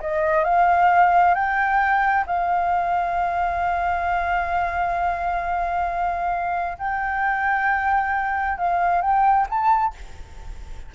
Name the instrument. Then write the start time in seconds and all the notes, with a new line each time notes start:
flute
0.00 D#5
0.44 F5
1.34 G5
2.26 F5
6.78 G5
8.58 F5
9.01 G5
9.49 A5